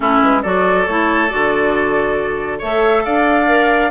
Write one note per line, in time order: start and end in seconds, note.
0.00 0.22 A3
0.00 0.43 C#4
0.00 0.42 E4
0.00 0.21 A4
0.22 0.44 G#3
0.22 0.43 B4
0.42 0.87 F#3
0.42 0.87 F#4
0.42 2.58 A4
0.42 0.86 D5
0.86 1.30 A3
0.86 1.29 E4
0.86 1.28 C#5
1.28 2.62 D3
1.28 2.59 F#4
1.28 2.59 D5
2.58 3.05 A3
2.58 3.47 A4
2.58 3.02 C#5
2.58 3.04 E5
3.04 3.90 D4
3.04 3.90 D5
3.04 3.90 F5
3.47 3.90 A#4